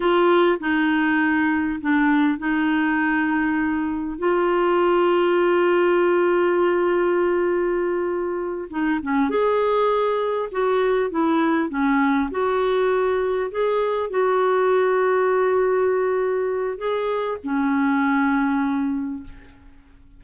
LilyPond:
\new Staff \with { instrumentName = "clarinet" } { \time 4/4 \tempo 4 = 100 f'4 dis'2 d'4 | dis'2. f'4~ | f'1~ | f'2~ f'8 dis'8 cis'8 gis'8~ |
gis'4. fis'4 e'4 cis'8~ | cis'8 fis'2 gis'4 fis'8~ | fis'1 | gis'4 cis'2. | }